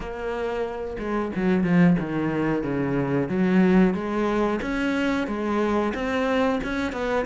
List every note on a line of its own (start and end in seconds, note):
0.00 0.97 A#3
0.98 1.31 G#3
1.35 1.63 F#3
1.63 1.96 F3
1.99 2.63 D#3
2.63 3.28 C#3
3.28 3.94 F#3
3.94 4.59 G#3
4.61 5.27 C#4
5.27 5.93 G#3
5.94 6.60 C4
6.63 6.92 C#4
6.92 7.25 B3